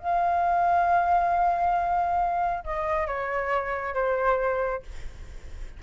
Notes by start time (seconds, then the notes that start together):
0.00 F5
2.65 D#5
3.08 C#5
3.95 C5